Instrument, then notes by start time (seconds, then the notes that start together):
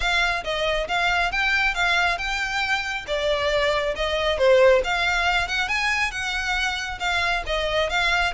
violin
0.00 F5
0.43 D#5
0.88 F5
1.31 G5
1.74 F5
2.18 G5
3.07 D5
3.95 D#5
4.38 C5
4.84 F5
5.47 F#5
5.68 G#5
6.11 F#5
6.99 F5
7.46 D#5
7.89 F5